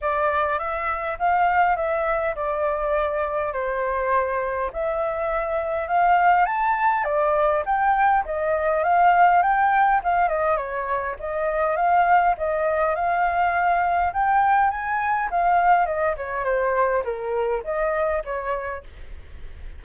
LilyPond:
\new Staff \with { instrumentName = "flute" } { \time 4/4 \tempo 4 = 102 d''4 e''4 f''4 e''4 | d''2 c''2 | e''2 f''4 a''4 | d''4 g''4 dis''4 f''4 |
g''4 f''8 dis''8 cis''4 dis''4 | f''4 dis''4 f''2 | g''4 gis''4 f''4 dis''8 cis''8 | c''4 ais'4 dis''4 cis''4 | }